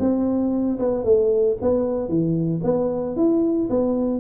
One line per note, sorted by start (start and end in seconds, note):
0.00 0.79 C4
0.79 1.05 B3
1.05 1.57 A3
1.61 2.09 B3
2.09 2.61 E3
2.64 3.17 B3
3.17 3.69 E4
3.70 4.20 B3